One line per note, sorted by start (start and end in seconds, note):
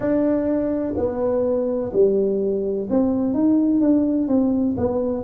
0.00 0.94 D4
0.96 1.91 B3
1.92 2.87 G3
2.90 3.33 C4
3.33 3.81 D#4
3.81 4.28 D4
4.28 4.75 C4
4.77 5.23 B3